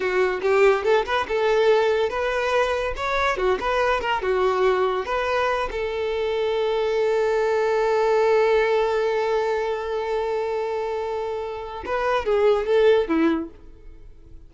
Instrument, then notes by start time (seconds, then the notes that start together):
violin
0.00 F#4
0.41 G4
0.84 A4
1.05 B4
1.28 A4
2.09 B4
2.96 C#5
3.37 F#4
3.60 B4
4.00 A#4
4.22 F#4
5.05 B4
5.71 A4
11.85 B4
12.25 G#4
12.66 A4
13.08 E4